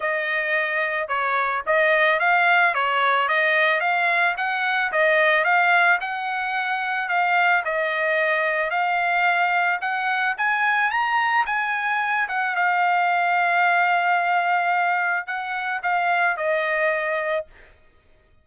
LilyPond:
\new Staff \with { instrumentName = "trumpet" } { \time 4/4 \tempo 4 = 110 dis''2 cis''4 dis''4 | f''4 cis''4 dis''4 f''4 | fis''4 dis''4 f''4 fis''4~ | fis''4 f''4 dis''2 |
f''2 fis''4 gis''4 | ais''4 gis''4. fis''8 f''4~ | f''1 | fis''4 f''4 dis''2 | }